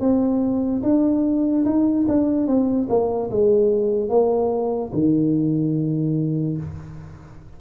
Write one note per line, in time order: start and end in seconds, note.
0.00 0.82 C4
0.83 1.65 D4
1.65 2.06 D#4
2.08 2.47 D4
2.47 2.88 C4
2.89 3.30 A#3
3.30 4.09 G#3
4.09 4.91 A#3
4.93 6.57 D#3